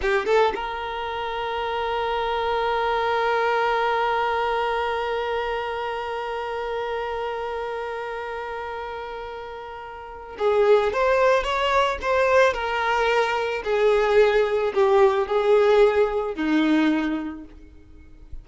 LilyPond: \new Staff \with { instrumentName = "violin" } { \time 4/4 \tempo 4 = 110 g'8 a'8 ais'2.~ | ais'1~ | ais'1~ | ais'1~ |
ais'2. gis'4 | c''4 cis''4 c''4 ais'4~ | ais'4 gis'2 g'4 | gis'2 dis'2 | }